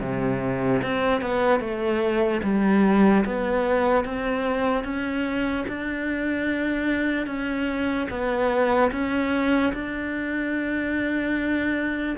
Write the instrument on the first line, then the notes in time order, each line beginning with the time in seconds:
cello
0.00 C3
0.82 C4
1.21 B3
1.60 A3
2.43 G3
3.25 B3
4.04 C4
4.84 C#4
5.68 D4
7.26 C#4
8.10 B3
8.92 C#4
9.73 D4